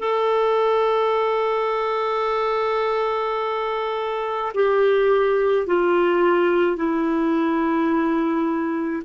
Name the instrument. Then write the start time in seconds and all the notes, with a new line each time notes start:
clarinet
0.00 A4
4.55 G4
5.67 F4
6.77 E4